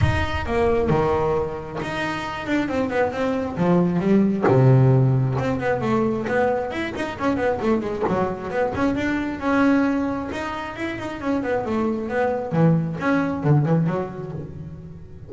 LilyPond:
\new Staff \with { instrumentName = "double bass" } { \time 4/4 \tempo 4 = 134 dis'4 ais4 dis2 | dis'4. d'8 c'8 b8 c'4 | f4 g4 c2 | c'8 b8 a4 b4 e'8 dis'8 |
cis'8 b8 a8 gis8 fis4 b8 cis'8 | d'4 cis'2 dis'4 | e'8 dis'8 cis'8 b8 a4 b4 | e4 cis'4 d8 e8 fis4 | }